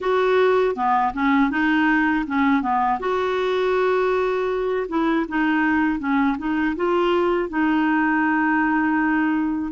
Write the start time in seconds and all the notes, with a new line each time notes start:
0.00 F#4
0.75 B3
1.13 C#4
1.50 D#4
2.27 C#4
2.61 B3
2.99 F#4
4.88 E4
5.28 D#4
5.99 C#4
6.38 D#4
6.76 F4
7.49 D#4